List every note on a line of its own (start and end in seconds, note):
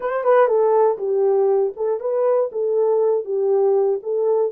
0.00 0.23 C5
0.23 0.47 B4
0.47 0.97 A4
0.98 1.73 G4
1.76 2.00 A4
2.00 2.50 B4
2.52 3.24 A4
3.24 3.99 G4
4.02 4.51 A4